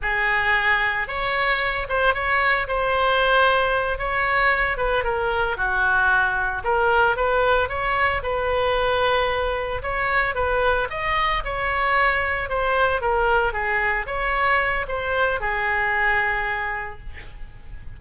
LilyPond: \new Staff \with { instrumentName = "oboe" } { \time 4/4 \tempo 4 = 113 gis'2 cis''4. c''8 | cis''4 c''2~ c''8 cis''8~ | cis''4 b'8 ais'4 fis'4.~ | fis'8 ais'4 b'4 cis''4 b'8~ |
b'2~ b'8 cis''4 b'8~ | b'8 dis''4 cis''2 c''8~ | c''8 ais'4 gis'4 cis''4. | c''4 gis'2. | }